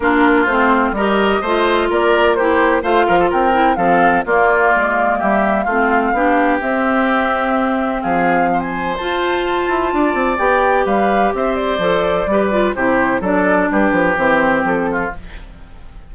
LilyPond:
<<
  \new Staff \with { instrumentName = "flute" } { \time 4/4 \tempo 4 = 127 ais'4 c''4 dis''2 | d''4 c''4 f''4 g''4 | f''4 d''2 e''4 | f''2 e''2~ |
e''4 f''4~ f''16 gis''8. a''4~ | a''2 g''4 f''4 | e''8 d''2~ d''8 c''4 | d''4 b'4 c''4 a'4 | }
  \new Staff \with { instrumentName = "oboe" } { \time 4/4 f'2 ais'4 c''4 | ais'4 g'4 c''8 ais'16 a'16 ais'4 | a'4 f'2 g'4 | f'4 g'2.~ |
g'4 gis'4 c''2~ | c''4 d''2 b'4 | c''2 b'4 g'4 | a'4 g'2~ g'8 f'8 | }
  \new Staff \with { instrumentName = "clarinet" } { \time 4/4 d'4 c'4 g'4 f'4~ | f'4 e'4 f'4. e'8 | c'4 ais2. | c'4 d'4 c'2~ |
c'2. f'4~ | f'2 g'2~ | g'4 a'4 g'8 f'8 e'4 | d'2 c'2 | }
  \new Staff \with { instrumentName = "bassoon" } { \time 4/4 ais4 a4 g4 a4 | ais2 a8 f8 c'4 | f4 ais4 gis4 g4 | a4 b4 c'2~ |
c'4 f2 f'4~ | f'8 e'8 d'8 c'8 b4 g4 | c'4 f4 g4 c4 | fis4 g8 f8 e4 f4 | }
>>